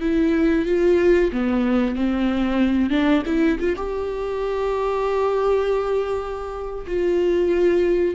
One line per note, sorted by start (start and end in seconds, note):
0.00 0.65 E4
0.65 1.30 F4
1.32 1.95 B3
1.95 2.90 C4
2.90 3.22 D4
3.25 3.58 E4
3.59 3.75 F4
3.76 6.85 G4
6.87 8.14 F4